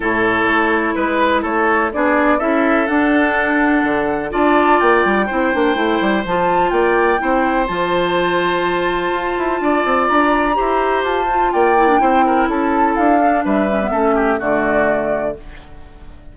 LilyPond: <<
  \new Staff \with { instrumentName = "flute" } { \time 4/4 \tempo 4 = 125 cis''2 b'4 cis''4 | d''4 e''4 fis''2~ | fis''4 a''4 g''2~ | g''4 a''4 g''2 |
a''1~ | a''4 ais''2 a''4 | g''2 a''4 f''4 | e''2 d''2 | }
  \new Staff \with { instrumentName = "oboe" } { \time 4/4 a'2 b'4 a'4 | gis'4 a'2.~ | a'4 d''2 c''4~ | c''2 d''4 c''4~ |
c''1 | d''2 c''2 | d''4 c''8 ais'8 a'2 | b'4 a'8 g'8 fis'2 | }
  \new Staff \with { instrumentName = "clarinet" } { \time 4/4 e'1 | d'4 e'4 d'2~ | d'4 f'2 e'8 d'8 | e'4 f'2 e'4 |
f'1~ | f'2 g'4. f'8~ | f'8 e'16 d'16 e'2~ e'8 d'8~ | d'8 cis'16 b16 cis'4 a2 | }
  \new Staff \with { instrumentName = "bassoon" } { \time 4/4 a,4 a4 gis4 a4 | b4 cis'4 d'2 | d4 d'4 ais8 g8 c'8 ais8 | a8 g8 f4 ais4 c'4 |
f2. f'8 e'8 | d'8 c'8 d'4 e'4 f'4 | ais4 c'4 cis'4 d'4 | g4 a4 d2 | }
>>